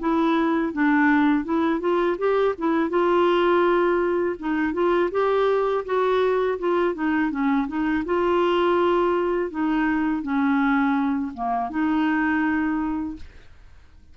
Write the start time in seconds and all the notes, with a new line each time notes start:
0.00 E4
0.73 D4
1.44 E4
1.80 F4
2.19 G4
2.58 E4
2.90 F4
4.39 D#4
4.74 F4
5.11 G4
5.85 F#4
6.59 F4
6.94 D#4
7.31 C#4
7.68 D#4
8.05 F4
9.51 D#4
10.22 C#4
11.34 A#3
11.70 D#4